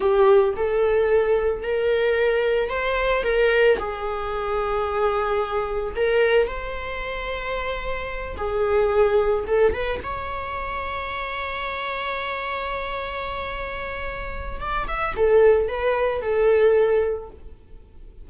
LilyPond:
\new Staff \with { instrumentName = "viola" } { \time 4/4 \tempo 4 = 111 g'4 a'2 ais'4~ | ais'4 c''4 ais'4 gis'4~ | gis'2. ais'4 | c''2.~ c''8 gis'8~ |
gis'4. a'8 b'8 cis''4.~ | cis''1~ | cis''2. d''8 e''8 | a'4 b'4 a'2 | }